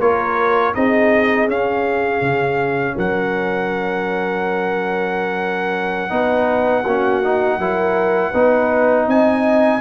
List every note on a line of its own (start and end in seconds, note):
0.00 0.74 A#3
0.00 0.75 F4
0.00 0.75 A#4
0.00 0.74 C#5
0.75 1.48 C4
0.75 1.49 D#4
0.75 2.96 G#4
0.75 1.49 D#5
1.48 2.21 C#4
1.48 6.10 C#4
1.48 2.98 F5
2.21 2.95 C#3
2.96 6.11 F#3
2.96 6.11 A#4
2.96 9.09 F#5
6.10 6.85 B3
6.10 6.84 D#4
6.10 6.83 B4
6.83 7.58 A#3
6.83 7.23 C#4
6.83 7.58 F#4
7.23 7.60 D#4
7.58 8.33 F#3
7.58 8.33 E4
7.58 8.31 A#4
8.31 9.07 B3
8.31 9.81 D#4
8.31 9.05 B4
9.07 9.81 C4
9.07 9.81 D#5
9.07 9.81 G#5